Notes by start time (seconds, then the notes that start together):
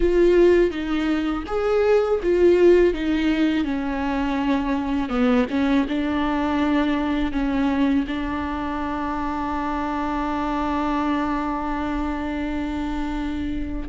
0.00 F4
0.70 D#4
1.46 G#4
2.23 F4
2.93 D#4
3.64 C#4
5.09 B3
5.49 C#4
5.88 D4
7.32 C#4
8.07 D4